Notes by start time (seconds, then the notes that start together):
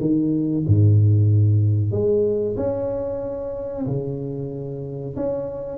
0.00 D#3
0.67 G#2
1.91 G#3
2.56 C#4
3.86 C#3
5.16 C#4